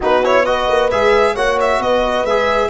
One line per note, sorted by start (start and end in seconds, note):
0.00 0.69 B3
0.00 0.23 D#4
0.00 0.45 F#4
0.00 0.25 B4
0.23 0.45 E4
0.23 0.45 C#5
0.45 0.90 F#4
0.45 1.34 B4
0.45 0.90 D#5
0.69 0.91 A#3
0.90 1.36 G#3
0.90 1.36 G#4
0.90 1.35 E5
1.34 1.79 A#3
1.34 2.26 F#4
1.34 1.79 C#5
1.34 1.58 F#5
1.60 1.82 E5
1.79 2.24 B3
1.79 2.69 B4
1.79 2.25 D#5
2.24 2.69 G#3
2.24 2.69 G#4
2.24 2.69 E5